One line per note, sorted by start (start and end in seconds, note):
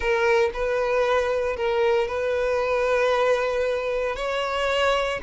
0.00 0.50 A#4
0.53 1.56 B4
1.56 2.07 A#4
2.07 4.16 B4
4.16 5.20 C#5